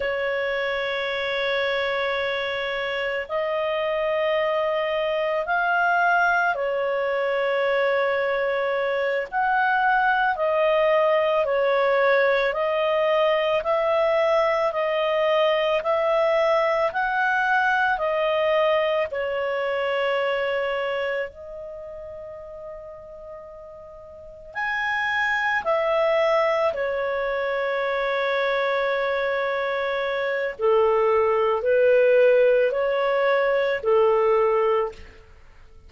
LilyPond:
\new Staff \with { instrumentName = "clarinet" } { \time 4/4 \tempo 4 = 55 cis''2. dis''4~ | dis''4 f''4 cis''2~ | cis''8 fis''4 dis''4 cis''4 dis''8~ | dis''8 e''4 dis''4 e''4 fis''8~ |
fis''8 dis''4 cis''2 dis''8~ | dis''2~ dis''8 gis''4 e''8~ | e''8 cis''2.~ cis''8 | a'4 b'4 cis''4 a'4 | }